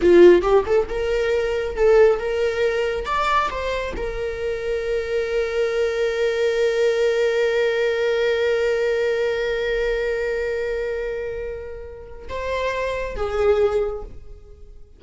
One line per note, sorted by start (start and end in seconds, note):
0.01 0.42 F4
0.42 0.64 G4
0.65 0.87 A4
0.88 1.75 A#4
1.75 2.19 A4
2.19 3.05 A#4
3.05 3.49 D5
3.50 3.94 C5
3.96 12.28 A#4
12.28 13.15 C5
13.15 14.03 G#4